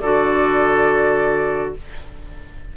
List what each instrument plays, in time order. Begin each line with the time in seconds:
0.00 bassoon D3, clarinet F#4, oboe A4, flute D5